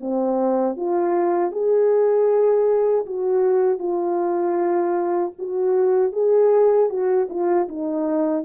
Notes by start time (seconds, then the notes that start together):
0.00 C4
0.76 F4
1.51 G#4
3.06 F#4
3.79 F4
5.38 F#4
6.12 G#4
6.89 F#4
7.29 F4
7.68 D#4